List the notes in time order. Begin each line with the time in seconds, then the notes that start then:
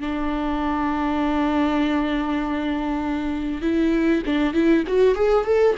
0.00 D4
3.61 E4
4.25 D4
4.53 E4
4.87 F#4
5.15 G#4
5.45 A4